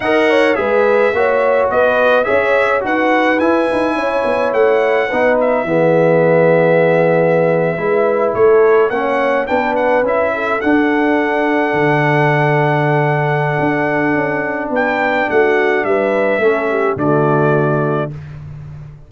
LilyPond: <<
  \new Staff \with { instrumentName = "trumpet" } { \time 4/4 \tempo 4 = 106 fis''4 e''2 dis''4 | e''4 fis''4 gis''2 | fis''4. e''2~ e''8~ | e''2~ e''8. cis''4 fis''16~ |
fis''8. g''8 fis''8 e''4 fis''4~ fis''16~ | fis''1~ | fis''2 g''4 fis''4 | e''2 d''2 | }
  \new Staff \with { instrumentName = "horn" } { \time 4/4 dis''8 cis''8 b'4 cis''4 b'4 | cis''4 b'2 cis''4~ | cis''4 b'4 gis'2~ | gis'4.~ gis'16 b'4 a'4 cis''16~ |
cis''8. b'4. a'4.~ a'16~ | a'1~ | a'2 b'4 fis'4 | b'4 a'8 g'8 fis'2 | }
  \new Staff \with { instrumentName = "trombone" } { \time 4/4 ais'4 gis'4 fis'2 | gis'4 fis'4 e'2~ | e'4 dis'4 b2~ | b4.~ b16 e'2 cis'16~ |
cis'8. d'4 e'4 d'4~ d'16~ | d'1~ | d'1~ | d'4 cis'4 a2 | }
  \new Staff \with { instrumentName = "tuba" } { \time 4/4 dis'4 gis4 ais4 b4 | cis'4 dis'4 e'8 dis'8 cis'8 b8 | a4 b4 e2~ | e4.~ e16 gis4 a4 ais16~ |
ais8. b4 cis'4 d'4~ d'16~ | d'8. d2.~ d16 | d'4 cis'4 b4 a4 | g4 a4 d2 | }
>>